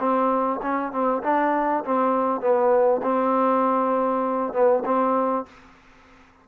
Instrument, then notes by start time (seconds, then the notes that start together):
trombone
0.00 C4
0.63 C#4
0.93 C4
1.24 D4
1.85 C4
2.41 B3
3.04 C4
4.53 B3
4.86 C4